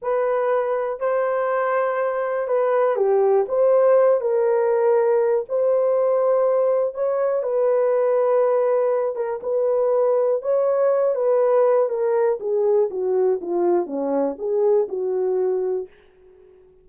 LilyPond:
\new Staff \with { instrumentName = "horn" } { \time 4/4 \tempo 4 = 121 b'2 c''2~ | c''4 b'4 g'4 c''4~ | c''8 ais'2~ ais'8 c''4~ | c''2 cis''4 b'4~ |
b'2~ b'8 ais'8 b'4~ | b'4 cis''4. b'4. | ais'4 gis'4 fis'4 f'4 | cis'4 gis'4 fis'2 | }